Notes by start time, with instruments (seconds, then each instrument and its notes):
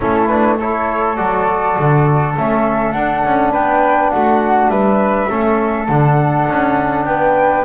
0.00 double bass A3, trombone C#4, flute E4 A4
0.27 trombone D4, flute B4
0.57 trombone E4, flute A4 C#5
1.16 double bass F#3, trombone F#4, flute D5
1.78 double bass D3
2.36 double bass A3, trombone C#4, flute E5
2.92 double bass D4, trombone D4, flute F#5
3.24 double bass C#4
3.51 double bass B3, flute B4 G5
4.10 double bass A3, flute F#4 F#5
4.67 double bass G3, flute B4 E5
5.29 double bass A3, trombone C#4, flute A4
5.87 double bass D3, trombone D4, flute F#5
6.48 double bass C#4
7.05 double bass B3, flute B4 G5